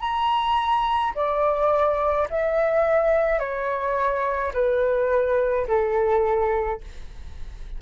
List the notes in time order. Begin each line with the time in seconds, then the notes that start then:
0.00 A#5
1.15 D5
2.30 E5
3.40 C#5
4.54 B4
5.68 A4